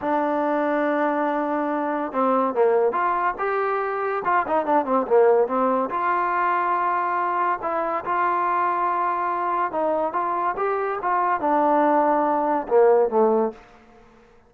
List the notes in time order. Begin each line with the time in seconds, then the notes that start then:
0.01 D4
2.12 C4
2.54 A#3
2.92 F4
3.38 G4
4.24 F4
4.47 D#4
4.65 D4
4.85 C4
5.07 A#3
5.47 C4
5.90 F4
7.62 E4
8.04 F4
9.71 D#4
10.13 F4
10.56 G4
11.02 F4
11.40 D4
12.68 A#3
13.09 A3